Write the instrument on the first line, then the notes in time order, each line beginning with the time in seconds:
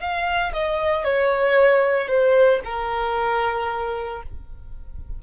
violin
0.00 F5
0.54 D#5
1.04 C#5
2.08 C5
2.65 A#4